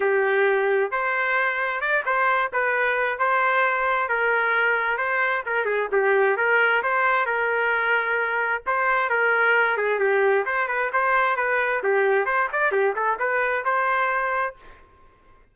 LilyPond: \new Staff \with { instrumentName = "trumpet" } { \time 4/4 \tempo 4 = 132 g'2 c''2 | d''8 c''4 b'4. c''4~ | c''4 ais'2 c''4 | ais'8 gis'8 g'4 ais'4 c''4 |
ais'2. c''4 | ais'4. gis'8 g'4 c''8 b'8 | c''4 b'4 g'4 c''8 d''8 | g'8 a'8 b'4 c''2 | }